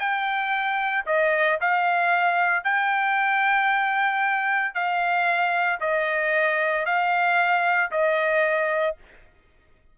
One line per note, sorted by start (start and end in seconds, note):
0.00 1.05 G5
1.06 1.59 D#5
1.61 2.65 F5
2.65 4.75 G5
4.75 5.80 F5
5.81 6.86 D#5
6.86 7.91 F5
7.92 8.97 D#5